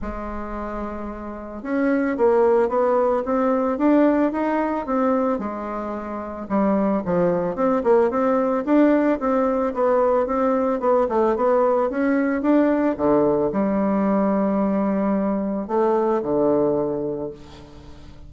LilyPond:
\new Staff \with { instrumentName = "bassoon" } { \time 4/4 \tempo 4 = 111 gis2. cis'4 | ais4 b4 c'4 d'4 | dis'4 c'4 gis2 | g4 f4 c'8 ais8 c'4 |
d'4 c'4 b4 c'4 | b8 a8 b4 cis'4 d'4 | d4 g2.~ | g4 a4 d2 | }